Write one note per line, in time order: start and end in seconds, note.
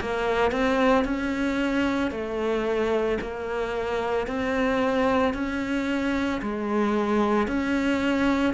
0.00 0.51 A#3
0.51 1.04 C4
1.04 2.11 C#4
2.11 3.18 A3
3.20 4.27 A#3
4.27 5.33 C4
5.33 6.40 C#4
6.41 7.47 G#3
7.47 8.54 C#4